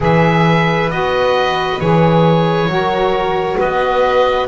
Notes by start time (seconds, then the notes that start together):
0.00 E3 G#4 B4 E5
0.90 B3 F#4 D#5
1.80 E3 G#4 C#5
2.67 F#3 F#4 A#4
3.57 B3 B4 D#5